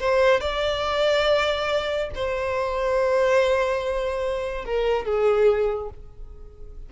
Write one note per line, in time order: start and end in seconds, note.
0.00 0.41 C5
0.41 2.10 D5
2.15 4.65 C5
4.65 5.05 A#4
5.05 5.90 G#4